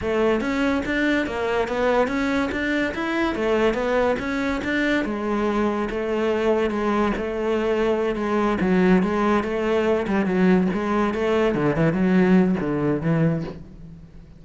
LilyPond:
\new Staff \with { instrumentName = "cello" } { \time 4/4 \tempo 4 = 143 a4 cis'4 d'4 ais4 | b4 cis'4 d'4 e'4 | a4 b4 cis'4 d'4 | gis2 a2 |
gis4 a2~ a8 gis8~ | gis8 fis4 gis4 a4. | g8 fis4 gis4 a4 d8 | e8 fis4. d4 e4 | }